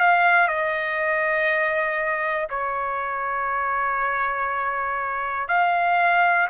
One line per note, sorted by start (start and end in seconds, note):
0.00 0.48 F5
0.48 2.48 D#5
2.50 5.49 C#5
5.49 6.49 F5